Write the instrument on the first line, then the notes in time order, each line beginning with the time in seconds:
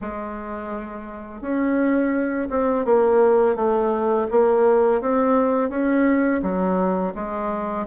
bassoon
0.01 G#3
1.41 C#4
2.50 C4
2.85 A#3
3.55 A3
4.30 A#3
5.01 C4
5.69 C#4
6.42 F#3
7.15 G#3